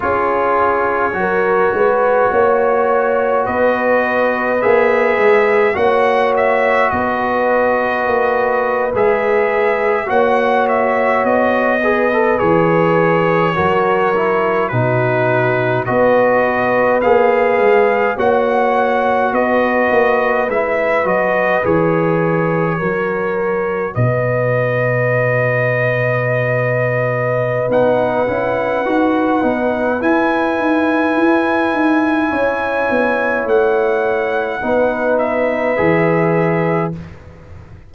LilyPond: <<
  \new Staff \with { instrumentName = "trumpet" } { \time 4/4 \tempo 4 = 52 cis''2. dis''4 | e''4 fis''8 e''8 dis''4.~ dis''16 e''16~ | e''8. fis''8 e''8 dis''4 cis''4~ cis''16~ | cis''8. b'4 dis''4 f''4 fis''16~ |
fis''8. dis''4 e''8 dis''8 cis''4~ cis''16~ | cis''8. dis''2.~ dis''16 | fis''2 gis''2~ | gis''4 fis''4. e''4. | }
  \new Staff \with { instrumentName = "horn" } { \time 4/4 gis'4 ais'8 b'8 cis''4 b'4~ | b'4 cis''4 b'2~ | b'8. cis''4. b'4. ais'16~ | ais'8. fis'4 b'2 cis''16~ |
cis''8. b'2. ais'16~ | ais'8. b'2.~ b'16~ | b'1 | cis''2 b'2 | }
  \new Staff \with { instrumentName = "trombone" } { \time 4/4 f'4 fis'2. | gis'4 fis'2~ fis'8. gis'16~ | gis'8. fis'4. gis'16 a'16 gis'4 fis'16~ | fis'16 e'8 dis'4 fis'4 gis'4 fis'16~ |
fis'4.~ fis'16 e'8 fis'8 gis'4 fis'16~ | fis'1 | dis'8 e'8 fis'8 dis'8 e'2~ | e'2 dis'4 gis'4 | }
  \new Staff \with { instrumentName = "tuba" } { \time 4/4 cis'4 fis8 gis8 ais4 b4 | ais8 gis8 ais4 b4 ais8. gis16~ | gis8. ais4 b4 e4 fis16~ | fis8. b,4 b4 ais8 gis8 ais16~ |
ais8. b8 ais8 gis8 fis8 e4 fis16~ | fis8. b,2.~ b,16 | b8 cis'8 dis'8 b8 e'8 dis'8 e'8 dis'8 | cis'8 b8 a4 b4 e4 | }
>>